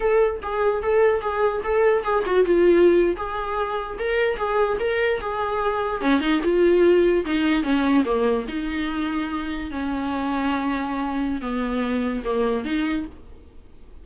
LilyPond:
\new Staff \with { instrumentName = "viola" } { \time 4/4 \tempo 4 = 147 a'4 gis'4 a'4 gis'4 | a'4 gis'8 fis'8 f'4.~ f'16 gis'16~ | gis'4.~ gis'16 ais'4 gis'4 ais'16~ | ais'8. gis'2 cis'8 dis'8 f'16~ |
f'4.~ f'16 dis'4 cis'4 ais16~ | ais8. dis'2. cis'16~ | cis'1 | b2 ais4 dis'4 | }